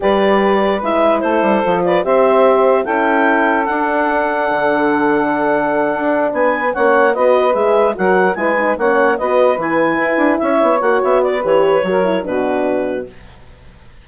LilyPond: <<
  \new Staff \with { instrumentName = "clarinet" } { \time 4/4 \tempo 4 = 147 d''2 e''4 c''4~ | c''8 d''8 e''2 g''4~ | g''4 fis''2.~ | fis''2.~ fis''8 gis''8~ |
gis''8 fis''4 dis''4 e''4 fis''8~ | fis''8 gis''4 fis''4 dis''4 gis''8~ | gis''4. e''4 fis''8 e''8 d''8 | cis''2 b'2 | }
  \new Staff \with { instrumentName = "saxophone" } { \time 4/4 b'2. a'4~ | a'8 b'8 c''2 a'4~ | a'1~ | a'2.~ a'8 b'8~ |
b'8 cis''4 b'2 ais'8~ | ais'8 b'4 cis''4 b'4.~ | b'4. cis''2 b'8~ | b'4 ais'4 fis'2 | }
  \new Staff \with { instrumentName = "horn" } { \time 4/4 g'2 e'2 | f'4 g'2 e'4~ | e'4 d'2.~ | d'1~ |
d'8 cis'4 fis'4 gis'4 fis'8~ | fis'8 e'8 dis'8 cis'4 fis'4 e'8~ | e'2~ e'8 fis'4. | g'4 fis'8 e'8 d'2 | }
  \new Staff \with { instrumentName = "bassoon" } { \time 4/4 g2 gis4 a8 g8 | f4 c'2 cis'4~ | cis'4 d'2 d4~ | d2~ d8 d'4 b8~ |
b8 ais4 b4 gis4 fis8~ | fis8 gis4 ais4 b4 e8~ | e8 e'8 d'8 cis'8 b8 ais8 b4 | e4 fis4 b,2 | }
>>